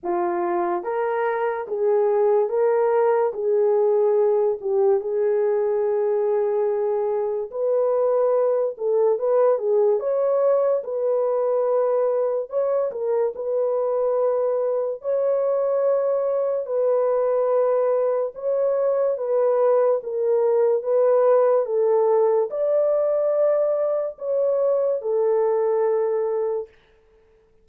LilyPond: \new Staff \with { instrumentName = "horn" } { \time 4/4 \tempo 4 = 72 f'4 ais'4 gis'4 ais'4 | gis'4. g'8 gis'2~ | gis'4 b'4. a'8 b'8 gis'8 | cis''4 b'2 cis''8 ais'8 |
b'2 cis''2 | b'2 cis''4 b'4 | ais'4 b'4 a'4 d''4~ | d''4 cis''4 a'2 | }